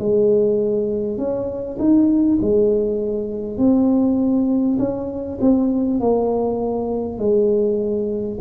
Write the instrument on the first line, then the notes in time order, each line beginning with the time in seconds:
tuba
0.00 G#3
1.18 C#4
1.79 D#4
2.42 G#3
3.58 C4
4.79 C#4
5.42 C4
6.01 A#3
7.19 G#3